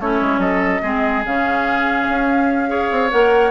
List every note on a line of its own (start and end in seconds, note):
0.00 0.21 A3
0.00 0.82 C#4
0.00 0.40 E4
0.00 0.40 C#5
0.21 0.38 G#3
0.38 0.79 F#3
0.38 0.82 A4
0.38 1.23 D#5
0.82 1.24 G#3
0.82 1.24 C4
0.82 2.69 G#4
1.25 2.08 C#3
1.25 2.67 C#4
1.25 3.11 F5
2.08 2.91 C#4
2.67 3.09 G#4
2.67 3.51 C#5
2.91 3.12 C4
3.11 3.51 A#3
3.11 3.51 A#4
3.11 3.51 F#5